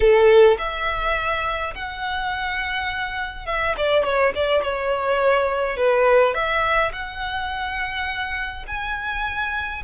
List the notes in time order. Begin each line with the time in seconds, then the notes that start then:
0.00 A4
0.58 E5
1.74 F#5
3.46 E5
3.77 D5
4.04 C#5
4.35 D5
4.62 C#5
5.77 B4
6.34 E5
6.92 F#5
8.67 G#5